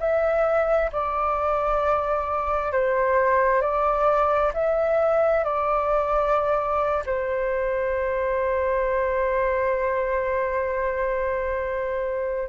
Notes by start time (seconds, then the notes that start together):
0.00 E5
0.93 D5
2.73 C5
3.62 D5
4.54 E5
5.45 D5
7.06 C5